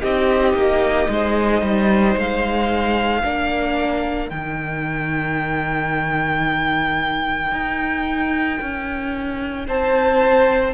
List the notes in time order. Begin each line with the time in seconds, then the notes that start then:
0.00 C4 D#4 G4 D#5
0.54 A#3
1.08 G#3 C5
1.62 G3
2.16 G#3 F5
3.22 A#3 D4 A#4
4.28 D#3 D#4 G5
7.52 D#4
8.61 C#4
9.67 C4 C5 A5